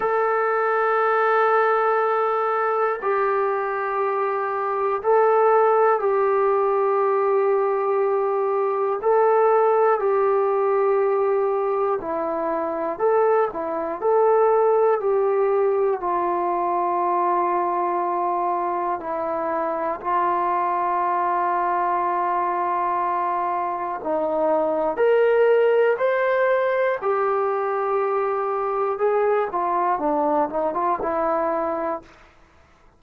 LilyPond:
\new Staff \with { instrumentName = "trombone" } { \time 4/4 \tempo 4 = 60 a'2. g'4~ | g'4 a'4 g'2~ | g'4 a'4 g'2 | e'4 a'8 e'8 a'4 g'4 |
f'2. e'4 | f'1 | dis'4 ais'4 c''4 g'4~ | g'4 gis'8 f'8 d'8 dis'16 f'16 e'4 | }